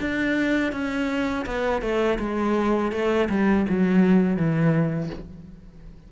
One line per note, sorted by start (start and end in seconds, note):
0.00 0.72 D4
0.72 1.45 C#4
1.46 1.82 B3
1.82 2.18 A3
2.19 2.92 G#3
2.92 3.29 A3
3.30 3.66 G3
3.69 4.37 F#3
4.37 5.10 E3